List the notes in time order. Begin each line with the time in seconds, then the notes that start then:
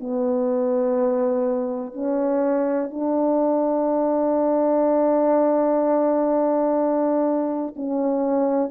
0.00 B3
1.94 C#4
2.90 D4
7.76 C#4